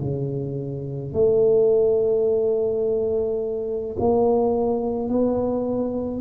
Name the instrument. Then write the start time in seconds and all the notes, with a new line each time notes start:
tuba
0.00 C#3
1.13 A3
3.99 A#3
5.08 B3